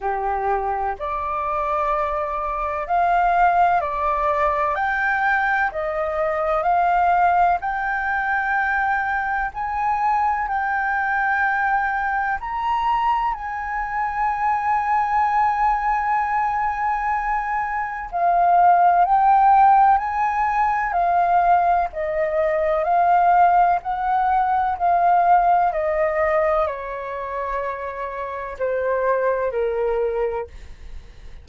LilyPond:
\new Staff \with { instrumentName = "flute" } { \time 4/4 \tempo 4 = 63 g'4 d''2 f''4 | d''4 g''4 dis''4 f''4 | g''2 gis''4 g''4~ | g''4 ais''4 gis''2~ |
gis''2. f''4 | g''4 gis''4 f''4 dis''4 | f''4 fis''4 f''4 dis''4 | cis''2 c''4 ais'4 | }